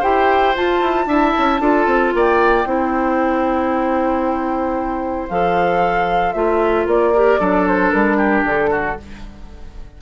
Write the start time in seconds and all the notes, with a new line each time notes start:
0.00 E4 G4 C5 G5
0.56 F4 A5
0.82 E4
1.07 D4 E4 E5
1.38 C#4
1.60 D4 F4 A4
1.87 C4
2.15 A#3 D5 G5
2.66 C4 E4 C5
5.29 F3 A4 F5
6.33 A3 F4 E5
6.87 A#3 D5
7.14 G4 A#4
7.40 F#3 D4 A4
7.68 C5
7.91 G3 A#4
8.18 G4
8.44 D3 A4
8.71 F#4